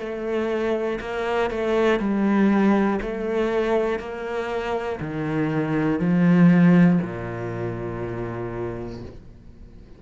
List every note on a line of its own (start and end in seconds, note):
0.00 1.00 A3
1.01 1.51 A#3
1.51 2.00 A3
2.00 3.00 G3
3.02 4.00 A3
4.00 5.00 A#3
5.01 6.00 D#3
6.00 7.00 F3
7.03 9.03 A#2